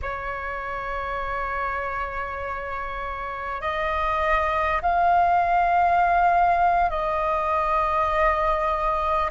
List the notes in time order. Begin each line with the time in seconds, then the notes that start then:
0.02 C#5
3.61 D#5
4.82 F5
6.89 D#5